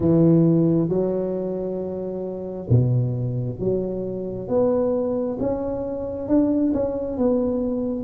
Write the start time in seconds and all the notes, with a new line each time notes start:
0.00 E3
0.88 F#3
2.69 B2
3.59 F#3
4.48 B3
5.39 C#4
6.27 D4
6.73 C#4
7.17 B3